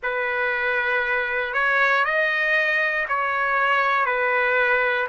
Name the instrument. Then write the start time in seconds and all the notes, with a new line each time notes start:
trumpet
0.02 B4
1.53 C#5
2.04 D#5
3.08 C#5
4.05 B4